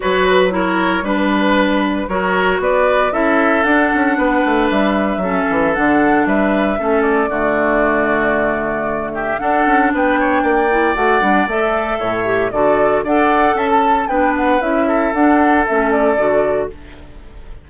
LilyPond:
<<
  \new Staff \with { instrumentName = "flute" } { \time 4/4 \tempo 4 = 115 cis''8 b'8 cis''4 b'2 | cis''4 d''4 e''4 fis''4~ | fis''4 e''2 fis''4 | e''4. d''2~ d''8~ |
d''4. e''8 fis''4 g''4~ | g''4 fis''4 e''2 | d''4 fis''4 a''4 g''8 fis''8 | e''4 fis''4 e''8 d''4. | }
  \new Staff \with { instrumentName = "oboe" } { \time 4/4 b'4 ais'4 b'2 | ais'4 b'4 a'2 | b'2 a'2 | b'4 a'4 fis'2~ |
fis'4. g'8 a'4 b'8 cis''8 | d''2. cis''4 | a'4 d''4 e''16 a'8. b'4~ | b'8 a'2.~ a'8 | }
  \new Staff \with { instrumentName = "clarinet" } { \time 4/4 fis'4 e'4 d'2 | fis'2 e'4 d'4~ | d'2 cis'4 d'4~ | d'4 cis'4 a2~ |
a2 d'2~ | d'8 e'8 fis'8 d'8 a'4. g'8 | fis'4 a'2 d'4 | e'4 d'4 cis'4 fis'4 | }
  \new Staff \with { instrumentName = "bassoon" } { \time 4/4 fis2 g2 | fis4 b4 cis'4 d'8 cis'8 | b8 a8 g4 fis8 e8 d4 | g4 a4 d2~ |
d2 d'8 cis'8 b4 | ais4 a8 g8 a4 a,4 | d4 d'4 cis'4 b4 | cis'4 d'4 a4 d4 | }
>>